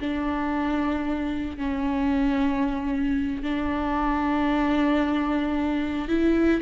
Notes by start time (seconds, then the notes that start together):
0.00 D4
1.57 C#4
3.43 D4
6.08 E4